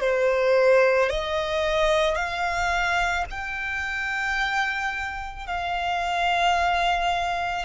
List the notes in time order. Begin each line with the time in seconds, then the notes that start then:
0.00 C5
1.09 D#5
2.15 F5
3.30 G5
5.46 F5